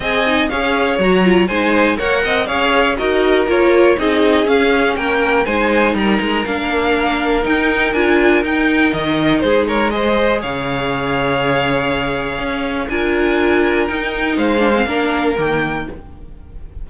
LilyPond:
<<
  \new Staff \with { instrumentName = "violin" } { \time 4/4 \tempo 4 = 121 gis''4 f''4 ais''4 gis''4 | fis''4 f''4 dis''4 cis''4 | dis''4 f''4 g''4 gis''4 | ais''4 f''2 g''4 |
gis''4 g''4 dis''4 c''8 cis''8 | dis''4 f''2.~ | f''2 gis''2 | g''4 f''2 g''4 | }
  \new Staff \with { instrumentName = "violin" } { \time 4/4 dis''4 cis''2 c''4 | cis''8 dis''8 cis''4 ais'2 | gis'2 ais'4 c''4 | ais'1~ |
ais'2. gis'8 ais'8 | c''4 cis''2.~ | cis''2 ais'2~ | ais'4 c''4 ais'2 | }
  \new Staff \with { instrumentName = "viola" } { \time 4/4 gis'8 dis'8 gis'4 fis'8 f'8 dis'4 | ais'4 gis'4 fis'4 f'4 | dis'4 cis'2 dis'4~ | dis'4 d'2 dis'4 |
f'4 dis'2. | gis'1~ | gis'2 f'2 | dis'4. d'16 c'16 d'4 ais4 | }
  \new Staff \with { instrumentName = "cello" } { \time 4/4 c'4 cis'4 fis4 gis4 | ais8 c'8 cis'4 dis'4 ais4 | c'4 cis'4 ais4 gis4 | g8 gis8 ais2 dis'4 |
d'4 dis'4 dis4 gis4~ | gis4 cis2.~ | cis4 cis'4 d'2 | dis'4 gis4 ais4 dis4 | }
>>